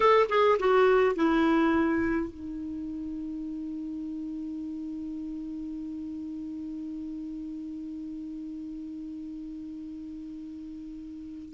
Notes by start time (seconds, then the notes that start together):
0.00 A4
0.29 G#4
0.59 F#4
1.15 E4
2.31 D#4